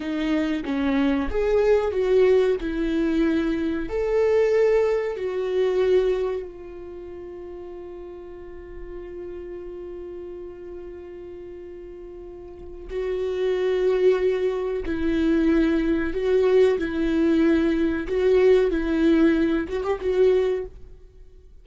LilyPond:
\new Staff \with { instrumentName = "viola" } { \time 4/4 \tempo 4 = 93 dis'4 cis'4 gis'4 fis'4 | e'2 a'2 | fis'2 f'2~ | f'1~ |
f'1 | fis'2. e'4~ | e'4 fis'4 e'2 | fis'4 e'4. fis'16 g'16 fis'4 | }